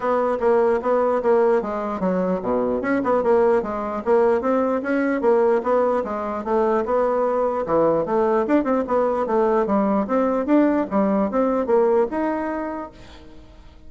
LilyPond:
\new Staff \with { instrumentName = "bassoon" } { \time 4/4 \tempo 4 = 149 b4 ais4 b4 ais4 | gis4 fis4 b,4 cis'8 b8 | ais4 gis4 ais4 c'4 | cis'4 ais4 b4 gis4 |
a4 b2 e4 | a4 d'8 c'8 b4 a4 | g4 c'4 d'4 g4 | c'4 ais4 dis'2 | }